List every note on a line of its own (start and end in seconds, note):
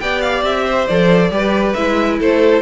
0.00 0.43 B3
0.00 0.89 G4
0.00 0.64 D5
0.00 0.21 G5
0.21 0.43 F5
0.43 0.87 C4
0.43 0.87 E5
0.64 1.30 C5
0.87 1.30 F3
0.87 1.31 A4
0.87 1.73 D5
1.30 1.74 G3
1.30 1.75 G4
1.30 2.19 B4
1.73 2.20 G#3
1.73 2.61 E4
1.73 2.17 E5
2.19 2.61 A3
2.19 2.61 A4
2.19 2.61 C5